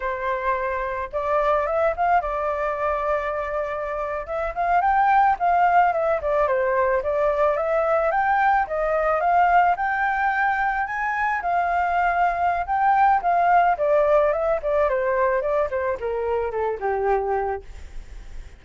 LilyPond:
\new Staff \with { instrumentName = "flute" } { \time 4/4 \tempo 4 = 109 c''2 d''4 e''8 f''8 | d''2.~ d''8. e''16~ | e''16 f''8 g''4 f''4 e''8 d''8 c''16~ | c''8. d''4 e''4 g''4 dis''16~ |
dis''8. f''4 g''2 gis''16~ | gis''8. f''2~ f''16 g''4 | f''4 d''4 e''8 d''8 c''4 | d''8 c''8 ais'4 a'8 g'4. | }